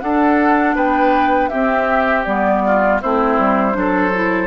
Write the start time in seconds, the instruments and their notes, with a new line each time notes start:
0.00 clarinet D4, bassoon D4, oboe A4, flute F#5
0.75 bassoon B3, oboe B4, flute G5
1.48 clarinet C4, bassoon C4, oboe G4, flute E5
2.24 bassoon G3, clarinet B3, flute D5
2.65 oboe F4
3.01 bassoon A3, clarinet C4, oboe E4, flute C5
3.38 bassoon G3
3.73 bassoon F#3, clarinet D4, oboe A4
4.13 clarinet E4